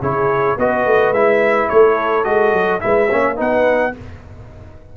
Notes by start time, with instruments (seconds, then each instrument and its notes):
0.00 tuba C#3, trombone E4, horn G#4, trumpet C#5
0.57 tuba B3, trombone F#4, horn B4, trumpet D#5
0.86 tuba A3
1.11 tuba G#3, trombone E4, trumpet E5
1.69 tuba A3, horn A4, trumpet C#5
2.24 tuba G#3, trombone F#4, trumpet D#5
2.53 tuba F#3
2.80 tuba G#3, trombone E4, horn B4, trumpet E5
3.08 tuba A#3, trombone C#4, horn C#5
3.36 tuba B3, trombone D#4, horn B4, trumpet F#5